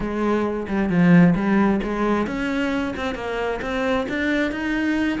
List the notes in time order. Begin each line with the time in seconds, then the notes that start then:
0.00 G#3
0.68 G3
0.89 F3
1.35 G3
1.83 G#3
2.26 C#4
2.96 C4
3.15 A#3
3.61 C4
4.08 D4
4.51 D#4